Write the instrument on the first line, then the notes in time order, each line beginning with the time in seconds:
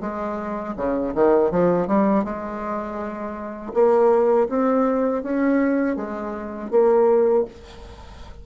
bassoon
0.00 G#3
0.76 C#3
1.14 D#3
1.51 F3
1.87 G3
2.24 G#3
3.73 A#3
4.49 C4
5.23 C#4
5.96 G#3
6.70 A#3